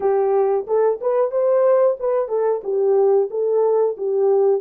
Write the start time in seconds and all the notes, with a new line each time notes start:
0.00 G4
0.67 A4
1.00 B4
1.31 C5
1.99 B4
2.28 A4
2.63 G4
3.30 A4
3.97 G4